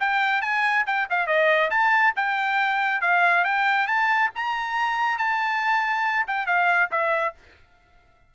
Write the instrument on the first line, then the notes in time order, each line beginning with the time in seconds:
trumpet
0.00 G5
0.42 G#5
0.87 G5
1.10 F5
1.27 D#5
1.71 A5
2.16 G5
3.01 F5
3.45 G5
3.87 A5
4.35 A#5
5.18 A5
6.27 G5
6.46 F5
6.91 E5